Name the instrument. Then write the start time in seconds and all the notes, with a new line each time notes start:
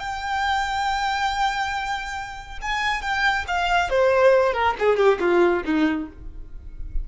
violin
0.00 G5
2.62 G#5
3.02 G5
3.48 F5
3.90 C5
4.54 A#4
4.80 G#4
4.97 G4
5.21 F4
5.65 D#4